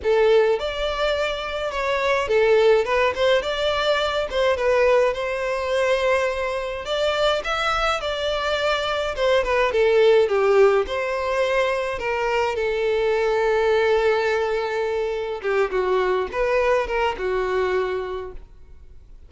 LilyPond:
\new Staff \with { instrumentName = "violin" } { \time 4/4 \tempo 4 = 105 a'4 d''2 cis''4 | a'4 b'8 c''8 d''4. c''8 | b'4 c''2. | d''4 e''4 d''2 |
c''8 b'8 a'4 g'4 c''4~ | c''4 ais'4 a'2~ | a'2. g'8 fis'8~ | fis'8 b'4 ais'8 fis'2 | }